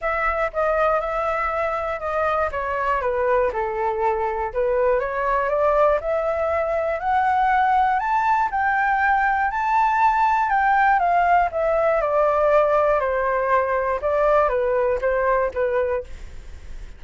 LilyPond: \new Staff \with { instrumentName = "flute" } { \time 4/4 \tempo 4 = 120 e''4 dis''4 e''2 | dis''4 cis''4 b'4 a'4~ | a'4 b'4 cis''4 d''4 | e''2 fis''2 |
a''4 g''2 a''4~ | a''4 g''4 f''4 e''4 | d''2 c''2 | d''4 b'4 c''4 b'4 | }